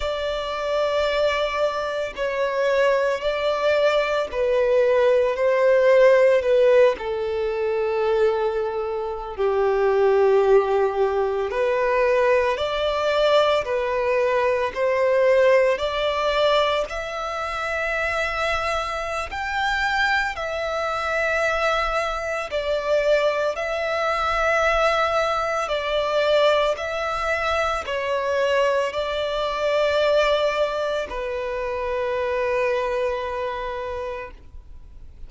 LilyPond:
\new Staff \with { instrumentName = "violin" } { \time 4/4 \tempo 4 = 56 d''2 cis''4 d''4 | b'4 c''4 b'8 a'4.~ | a'8. g'2 b'4 d''16~ | d''8. b'4 c''4 d''4 e''16~ |
e''2 g''4 e''4~ | e''4 d''4 e''2 | d''4 e''4 cis''4 d''4~ | d''4 b'2. | }